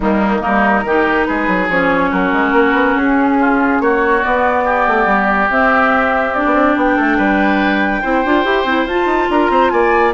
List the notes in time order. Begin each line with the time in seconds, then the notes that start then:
0.00 D#3 G3 A#3 D#4
0.39 A#3 D#4 A#4
0.46 G3
0.84 D#3 D#4 G4
1.24 G#3 G#4 B4
1.47 F#3
1.68 F3 C#4 C#5
2.10 F#3 F#4 A#4
2.32 G#3
2.52 A#3
2.73 B3
2.95 C#4 G#4
3.40 F4
3.80 A#3 F#4 C#5
4.22 B3 D5
4.64 G4
4.87 A3
5.06 G3
5.50 C4 E5
6.33 D4 D5
6.45 B3
6.54 C4
6.76 B3 G5
6.95 A3 A4
7.17 G3 B4
8.01 C4 E4 C5
8.24 D4 F4
8.44 E4 G4
8.64 C4 E4
8.85 F4 A5
9.05 D#4
9.30 D4 A#4 A#5
9.49 C4 C5
9.70 A#3 D5 G#5